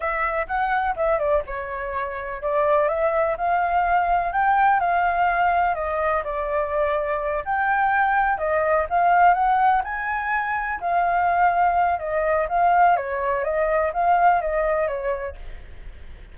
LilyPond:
\new Staff \with { instrumentName = "flute" } { \time 4/4 \tempo 4 = 125 e''4 fis''4 e''8 d''8 cis''4~ | cis''4 d''4 e''4 f''4~ | f''4 g''4 f''2 | dis''4 d''2~ d''8 g''8~ |
g''4. dis''4 f''4 fis''8~ | fis''8 gis''2 f''4.~ | f''4 dis''4 f''4 cis''4 | dis''4 f''4 dis''4 cis''4 | }